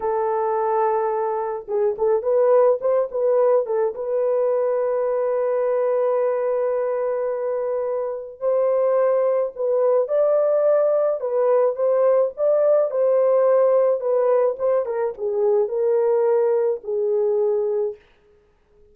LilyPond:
\new Staff \with { instrumentName = "horn" } { \time 4/4 \tempo 4 = 107 a'2. gis'8 a'8 | b'4 c''8 b'4 a'8 b'4~ | b'1~ | b'2. c''4~ |
c''4 b'4 d''2 | b'4 c''4 d''4 c''4~ | c''4 b'4 c''8 ais'8 gis'4 | ais'2 gis'2 | }